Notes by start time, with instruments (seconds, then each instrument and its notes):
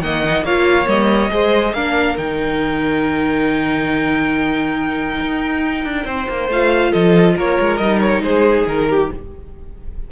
0.00 cello D#3, viola A#3, violin D#5 F#5
0.24 viola D#4
0.43 cello A#3, viola F4, violin C#5 F5
0.86 cello G3, viola A#3, violin D#5
1.31 cello G#3, viola G#4, violin C5
1.73 cello A#3, viola D4, violin A#4 F5
2.17 cello D#3, viola D#4, violin G5
5.20 cello D#4
5.84 cello D4
6.05 cello C4, violin C5
6.28 cello A#3
6.49 cello A3, viola F4, violin F5
6.91 cello F3, violin A4 D#5
7.36 cello A#3, violin A#4 C#5
7.61 cello G#3
7.78 cello G3, viola D#4, violin D#5
8.01 violin C#5
8.22 cello G#3, violin G#4 C5
8.67 cello D#3, violin A#4
8.90 violin G4